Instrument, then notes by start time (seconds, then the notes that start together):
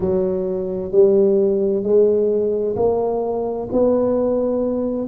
tuba
0.00 F#3
0.91 G3
1.83 G#3
2.76 A#3
3.72 B3